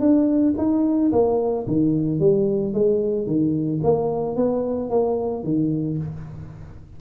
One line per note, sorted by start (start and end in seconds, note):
0.00 0.54 D4
0.58 1.12 D#4
1.12 1.66 A#3
1.67 2.20 D#3
2.20 2.74 G3
2.74 3.27 G#3
3.27 3.81 D#3
3.84 4.36 A#3
4.36 4.90 B3
4.90 5.44 A#3
5.44 5.98 D#3